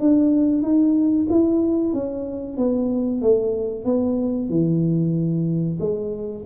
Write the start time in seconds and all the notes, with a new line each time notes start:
0.00 D4
0.62 D#4
1.29 E4
1.93 C#4
2.57 B3
3.21 A3
3.84 B3
4.49 E3
5.79 G#3